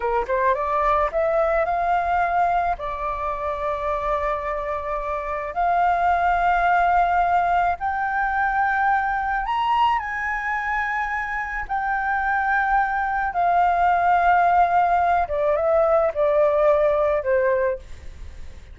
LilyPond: \new Staff \with { instrumentName = "flute" } { \time 4/4 \tempo 4 = 108 ais'8 c''8 d''4 e''4 f''4~ | f''4 d''2.~ | d''2 f''2~ | f''2 g''2~ |
g''4 ais''4 gis''2~ | gis''4 g''2. | f''2.~ f''8 d''8 | e''4 d''2 c''4 | }